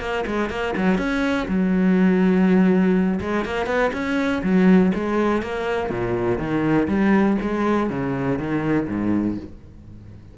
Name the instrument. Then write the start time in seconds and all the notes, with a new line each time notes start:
cello
0.00 A#3
0.26 G#3
0.50 A#3
0.76 F#3
0.98 C#4
1.48 F#3
3.21 G#3
3.45 A#3
3.66 B3
3.93 C#4
4.43 F#3
4.94 G#3
5.42 A#3
5.90 A#2
6.38 D#3
6.88 G3
7.41 G#3
7.90 C#3
8.38 D#3
8.88 G#2